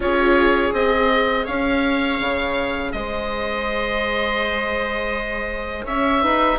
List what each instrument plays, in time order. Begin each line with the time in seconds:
0.00 bassoon C#4, viola F4 G#4, oboe C#5
0.72 bassoon C4, viola G#4, oboe D#5
1.44 bassoon C#4, viola C#5, oboe F5
2.19 bassoon C#3
2.92 bassoon G#3, viola C5, oboe D#5
5.86 bassoon C#4, viola C#5, oboe E5
6.21 bassoon D#4, viola B4